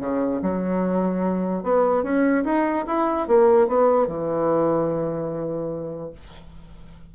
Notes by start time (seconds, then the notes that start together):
0.00 C#3
0.42 F#3
1.63 B3
2.03 C#4
2.44 D#4
2.87 E4
3.28 A#3
3.68 B3
4.07 E3